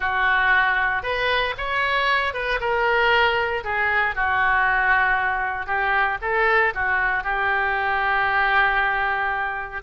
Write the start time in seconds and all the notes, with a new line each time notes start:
0.00 F#4
1.02 B4
1.57 C#5
2.33 B4
2.60 A#4
3.64 G#4
4.15 F#4
5.66 G4
6.21 A4
6.74 F#4
7.23 G4